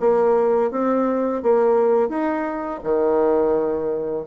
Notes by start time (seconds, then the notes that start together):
0.00 A#3
0.71 C4
1.43 A#3
2.09 D#4
2.84 D#3